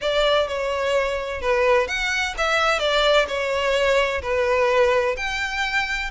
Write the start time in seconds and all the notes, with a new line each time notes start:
0.01 D5
0.47 C#5
1.41 B4
1.87 F#5
2.37 E5
2.79 D5
3.27 C#5
4.22 B4
5.16 G5